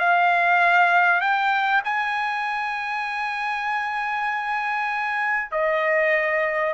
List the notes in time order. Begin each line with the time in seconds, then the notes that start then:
0.00 F5
1.21 G5
1.85 G#5
5.52 D#5